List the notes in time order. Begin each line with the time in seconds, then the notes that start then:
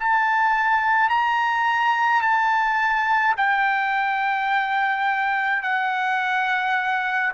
0.00 A5
1.09 A#5
2.22 A5
3.37 G5
5.62 F#5